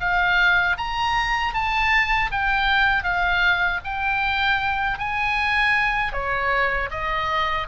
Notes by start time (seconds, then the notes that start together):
0.00 F5
0.77 A#5
1.53 A5
2.31 G5
3.03 F5
3.84 G5
4.98 G#5
6.12 C#5
6.90 D#5